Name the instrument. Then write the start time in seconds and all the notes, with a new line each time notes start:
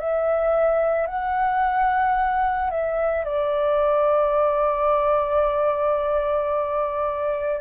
flute
0.00 E5
1.07 F#5
2.71 E5
3.25 D5